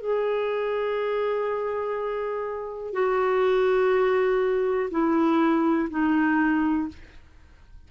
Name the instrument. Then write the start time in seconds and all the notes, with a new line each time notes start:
clarinet
0.00 G#4
2.93 F#4
4.90 E4
5.90 D#4